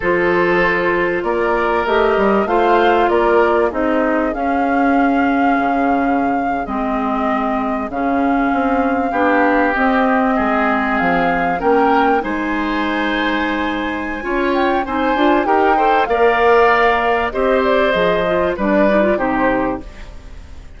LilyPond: <<
  \new Staff \with { instrumentName = "flute" } { \time 4/4 \tempo 4 = 97 c''2 d''4 dis''4 | f''4 d''4 dis''4 f''4~ | f''2~ f''8. dis''4~ dis''16~ | dis''8. f''2. dis''16~ |
dis''4.~ dis''16 f''4 g''4 gis''16~ | gis''2.~ gis''8 g''8 | gis''4 g''4 f''2 | dis''8 d''8 dis''4 d''4 c''4 | }
  \new Staff \with { instrumentName = "oboe" } { \time 4/4 a'2 ais'2 | c''4 ais'4 gis'2~ | gis'1~ | gis'2~ gis'8. g'4~ g'16~ |
g'8. gis'2 ais'4 c''16~ | c''2. cis''4 | c''4 ais'8 c''8 d''2 | c''2 b'4 g'4 | }
  \new Staff \with { instrumentName = "clarinet" } { \time 4/4 f'2. g'4 | f'2 dis'4 cis'4~ | cis'2~ cis'8. c'4~ c'16~ | c'8. cis'2 d'4 c'16~ |
c'2~ c'8. cis'4 dis'16~ | dis'2. f'4 | dis'8 f'8 g'8 a'8 ais'2 | g'4 gis'8 f'8 d'8 dis'16 f'16 dis'4 | }
  \new Staff \with { instrumentName = "bassoon" } { \time 4/4 f2 ais4 a8 g8 | a4 ais4 c'4 cis'4~ | cis'4 cis4.~ cis16 gis4~ gis16~ | gis8. cis4 c'4 b4 c'16~ |
c'8. gis4 f4 ais4 gis16~ | gis2. cis'4 | c'8 d'8 dis'4 ais2 | c'4 f4 g4 c4 | }
>>